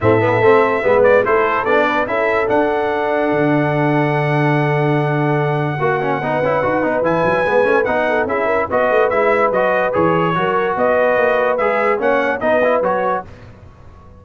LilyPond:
<<
  \new Staff \with { instrumentName = "trumpet" } { \time 4/4 \tempo 4 = 145 e''2~ e''8 d''8 c''4 | d''4 e''4 fis''2~ | fis''1~ | fis''1~ |
fis''4 gis''2 fis''4 | e''4 dis''4 e''4 dis''4 | cis''2 dis''2 | e''4 fis''4 dis''4 cis''4 | }
  \new Staff \with { instrumentName = "horn" } { \time 4/4 a'2 b'4 a'4~ | a'8 b'8 a'2.~ | a'1~ | a'2 fis'4 b'4~ |
b'2.~ b'8 a'8 | gis'8 ais'8 b'2.~ | b'4 ais'4 b'2~ | b'4 cis''4 b'2 | }
  \new Staff \with { instrumentName = "trombone" } { \time 4/4 c'8 b8 c'4 b4 e'4 | d'4 e'4 d'2~ | d'1~ | d'2 fis'8 cis'8 dis'8 e'8 |
fis'8 dis'8 e'4 b8 cis'8 dis'4 | e'4 fis'4 e'4 fis'4 | gis'4 fis'2. | gis'4 cis'4 dis'8 e'8 fis'4 | }
  \new Staff \with { instrumentName = "tuba" } { \time 4/4 a,4 a4 gis4 a4 | b4 cis'4 d'2 | d1~ | d2 ais4 b8 cis'8 |
dis'8 b8 e8 fis8 gis8 a8 b4 | cis'4 b8 a8 gis4 fis4 | e4 fis4 b4 ais4 | gis4 ais4 b4 fis4 | }
>>